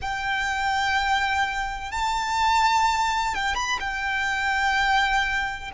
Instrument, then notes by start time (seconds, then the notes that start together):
violin
0.01 G5
1.91 A5
3.34 G5
3.55 B5
3.80 G5